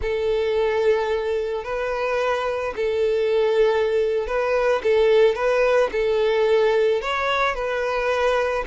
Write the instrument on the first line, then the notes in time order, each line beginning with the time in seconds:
violin
0.01 A4
1.64 B4
2.75 A4
4.27 B4
4.83 A4
5.35 B4
5.91 A4
7.01 C#5
7.54 B4